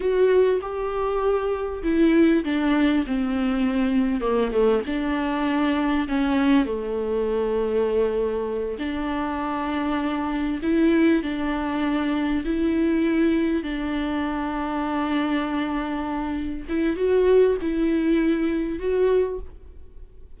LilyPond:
\new Staff \with { instrumentName = "viola" } { \time 4/4 \tempo 4 = 99 fis'4 g'2 e'4 | d'4 c'2 ais8 a8 | d'2 cis'4 a4~ | a2~ a8 d'4.~ |
d'4. e'4 d'4.~ | d'8 e'2 d'4.~ | d'2.~ d'8 e'8 | fis'4 e'2 fis'4 | }